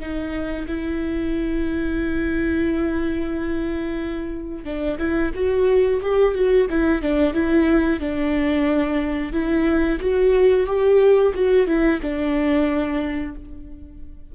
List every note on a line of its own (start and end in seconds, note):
0.00 0.67 D#4
0.68 4.65 E4
4.65 4.98 D4
4.99 5.32 E4
5.35 6.01 F#4
6.02 6.35 G4
6.35 6.68 F#4
6.70 7.02 E4
7.02 7.34 D4
7.34 8.00 E4
8.00 9.33 D4
9.33 9.99 E4
10.00 10.66 F#4
10.66 11.33 G4
11.35 11.67 F#4
11.67 12.01 E4
12.02 13.35 D4